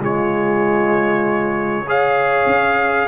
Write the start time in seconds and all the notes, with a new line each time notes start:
0.00 C#3 G#3 F4 C#5
1.86 G#4 C#5 F5
2.46 C#4